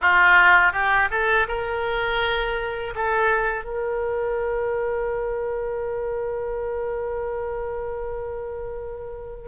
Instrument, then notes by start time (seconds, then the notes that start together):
oboe
0.01 F4
0.72 G4
1.10 A4
1.47 A#4
2.95 A4
3.64 A#4